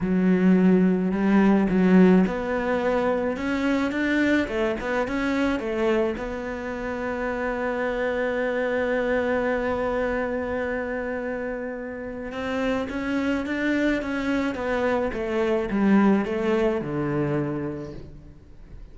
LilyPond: \new Staff \with { instrumentName = "cello" } { \time 4/4 \tempo 4 = 107 fis2 g4 fis4 | b2 cis'4 d'4 | a8 b8 cis'4 a4 b4~ | b1~ |
b1~ | b2 c'4 cis'4 | d'4 cis'4 b4 a4 | g4 a4 d2 | }